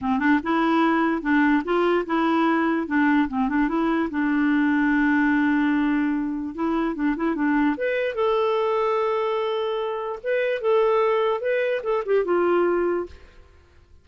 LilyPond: \new Staff \with { instrumentName = "clarinet" } { \time 4/4 \tempo 4 = 147 c'8 d'8 e'2 d'4 | f'4 e'2 d'4 | c'8 d'8 e'4 d'2~ | d'1 |
e'4 d'8 e'8 d'4 b'4 | a'1~ | a'4 b'4 a'2 | b'4 a'8 g'8 f'2 | }